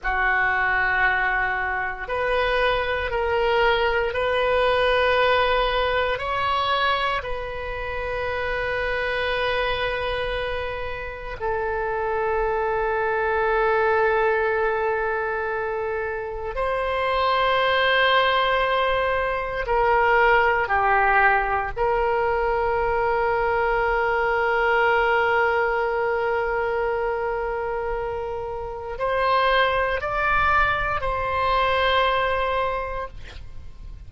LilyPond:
\new Staff \with { instrumentName = "oboe" } { \time 4/4 \tempo 4 = 58 fis'2 b'4 ais'4 | b'2 cis''4 b'4~ | b'2. a'4~ | a'1 |
c''2. ais'4 | g'4 ais'2.~ | ais'1 | c''4 d''4 c''2 | }